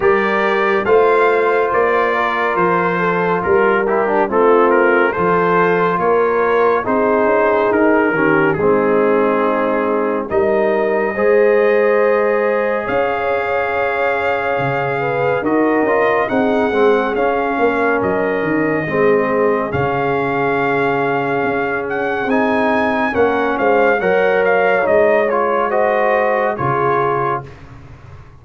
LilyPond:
<<
  \new Staff \with { instrumentName = "trumpet" } { \time 4/4 \tempo 4 = 70 d''4 f''4 d''4 c''4 | ais'8 g'8 a'8 ais'8 c''4 cis''4 | c''4 ais'4 gis'2 | dis''2. f''4~ |
f''2 dis''4 fis''4 | f''4 dis''2 f''4~ | f''4. fis''8 gis''4 fis''8 f''8 | fis''8 f''8 dis''8 cis''8 dis''4 cis''4 | }
  \new Staff \with { instrumentName = "horn" } { \time 4/4 ais'4 c''4. ais'4 a'8 | ais'4 f'4 a'4 ais'4 | gis'4. g'8 dis'2 | ais'4 c''2 cis''4~ |
cis''4. b'8 ais'4 gis'4~ | gis'8 ais'4. gis'2~ | gis'2. ais'8 c''8 | cis''2 c''4 gis'4 | }
  \new Staff \with { instrumentName = "trombone" } { \time 4/4 g'4 f'2.~ | f'8 e'16 d'16 c'4 f'2 | dis'4. cis'8 c'2 | dis'4 gis'2.~ |
gis'2 fis'8 f'8 dis'8 c'8 | cis'2 c'4 cis'4~ | cis'2 dis'4 cis'4 | ais'4 dis'8 f'8 fis'4 f'4 | }
  \new Staff \with { instrumentName = "tuba" } { \time 4/4 g4 a4 ais4 f4 | g4 a4 f4 ais4 | c'8 cis'8 dis'8 dis8 gis2 | g4 gis2 cis'4~ |
cis'4 cis4 dis'8 cis'8 c'8 gis8 | cis'8 ais8 fis8 dis8 gis4 cis4~ | cis4 cis'4 c'4 ais8 gis8 | fis4 gis2 cis4 | }
>>